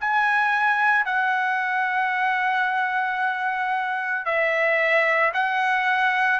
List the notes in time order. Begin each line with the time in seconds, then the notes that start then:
0.00 G#5
1.05 F#5
4.25 E5
5.33 F#5